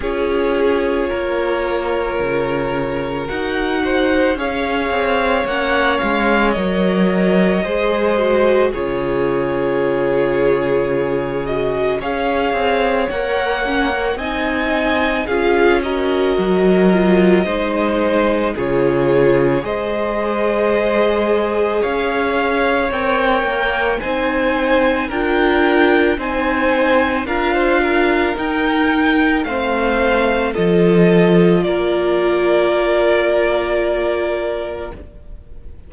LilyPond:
<<
  \new Staff \with { instrumentName = "violin" } { \time 4/4 \tempo 4 = 55 cis''2. fis''4 | f''4 fis''8 f''8 dis''2 | cis''2~ cis''8 dis''8 f''4 | fis''4 gis''4 f''8 dis''4.~ |
dis''4 cis''4 dis''2 | f''4 g''4 gis''4 g''4 | gis''4 f''4 g''4 f''4 | dis''4 d''2. | }
  \new Staff \with { instrumentName = "violin" } { \time 4/4 gis'4 ais'2~ ais'8 c''8 | cis''2. c''4 | gis'2. cis''4~ | cis''4 dis''4 gis'8 ais'4. |
c''4 gis'4 c''2 | cis''2 c''4 ais'4 | c''4 ais'16 c''16 ais'4. c''4 | a'4 ais'2. | }
  \new Staff \with { instrumentName = "viola" } { \time 4/4 f'2. fis'4 | gis'4 cis'4 ais'4 gis'8 fis'8 | f'2~ f'8 fis'8 gis'4 | ais'8 cis'16 ais'16 dis'4 f'8 fis'4 f'8 |
dis'4 f'4 gis'2~ | gis'4 ais'4 dis'4 f'4 | dis'4 f'4 dis'4 c'4 | f'1 | }
  \new Staff \with { instrumentName = "cello" } { \time 4/4 cis'4 ais4 cis4 dis'4 | cis'8 c'8 ais8 gis8 fis4 gis4 | cis2. cis'8 c'8 | ais4 c'4 cis'4 fis4 |
gis4 cis4 gis2 | cis'4 c'8 ais8 c'4 d'4 | c'4 d'4 dis'4 a4 | f4 ais2. | }
>>